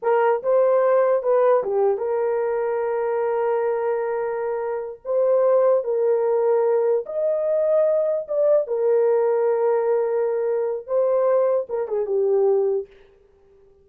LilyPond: \new Staff \with { instrumentName = "horn" } { \time 4/4 \tempo 4 = 149 ais'4 c''2 b'4 | g'4 ais'2.~ | ais'1~ | ais'8 c''2 ais'4.~ |
ais'4. dis''2~ dis''8~ | dis''8 d''4 ais'2~ ais'8~ | ais'2. c''4~ | c''4 ais'8 gis'8 g'2 | }